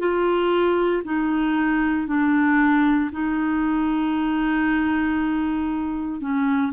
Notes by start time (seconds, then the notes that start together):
0.00 F4
1.05 D#4
2.07 D4
3.12 D#4
6.21 C#4